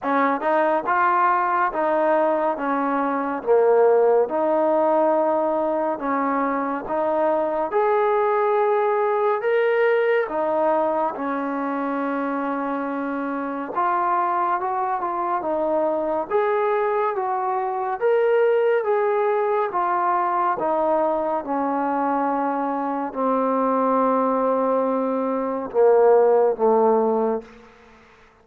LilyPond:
\new Staff \with { instrumentName = "trombone" } { \time 4/4 \tempo 4 = 70 cis'8 dis'8 f'4 dis'4 cis'4 | ais4 dis'2 cis'4 | dis'4 gis'2 ais'4 | dis'4 cis'2. |
f'4 fis'8 f'8 dis'4 gis'4 | fis'4 ais'4 gis'4 f'4 | dis'4 cis'2 c'4~ | c'2 ais4 a4 | }